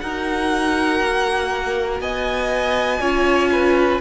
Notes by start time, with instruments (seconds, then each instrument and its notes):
0.00 cello D#4, viola F#4, violin A#4 F#5
1.00 cello A#3
2.00 cello B3, violin D#5 G#5
3.00 cello C#4, viola F4, violin C#5
3.51 violin B4